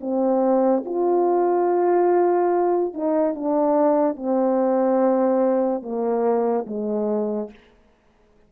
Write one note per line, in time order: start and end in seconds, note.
0.00 0.83 C4
0.85 2.93 F4
2.93 3.34 D#4
3.34 4.16 D4
4.16 5.82 C4
5.82 6.65 A#3
6.66 7.50 G#3